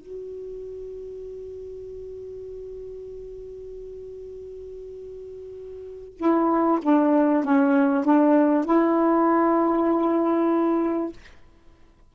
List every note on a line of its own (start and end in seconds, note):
0.00 6.17 F#4
6.17 6.79 E4
6.82 7.44 D4
7.44 8.04 C#4
8.04 8.65 D4
8.65 11.12 E4